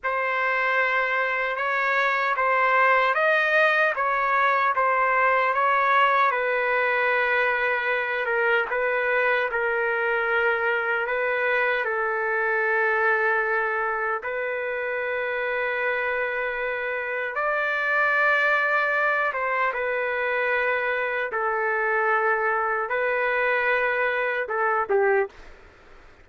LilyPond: \new Staff \with { instrumentName = "trumpet" } { \time 4/4 \tempo 4 = 76 c''2 cis''4 c''4 | dis''4 cis''4 c''4 cis''4 | b'2~ b'8 ais'8 b'4 | ais'2 b'4 a'4~ |
a'2 b'2~ | b'2 d''2~ | d''8 c''8 b'2 a'4~ | a'4 b'2 a'8 g'8 | }